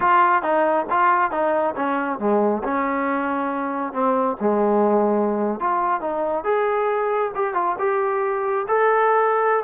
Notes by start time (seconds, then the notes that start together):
0.00 F4
0.42 D#4
0.90 F4
1.31 D#4
1.76 C#4
2.19 G#3
2.63 C#4
3.92 C4
4.40 G#3
5.60 F4
6.00 D#4
6.44 G#4
7.34 G4
7.54 F4
7.79 G4
8.68 A4